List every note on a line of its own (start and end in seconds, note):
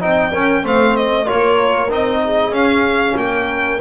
0.00 0.34 C4
0.00 0.32 D#4
0.00 0.32 D#5
0.00 0.65 G5
0.32 0.64 C#4
0.32 0.64 A#4
0.64 1.27 A3
0.64 1.26 C4
0.64 1.25 C5
0.64 0.96 F5
0.96 1.28 D#5
1.25 1.89 F4
1.25 2.19 A#4
1.25 1.91 C#5
1.31 1.90 A#3
1.90 2.51 C4
1.90 2.53 D#4
1.90 2.54 D#5
2.25 3.19 G#4
2.51 3.14 C#4
2.51 3.80 C#4
2.51 3.17 F5
3.16 3.80 A#3
3.16 3.81 A#4
3.16 3.81 G5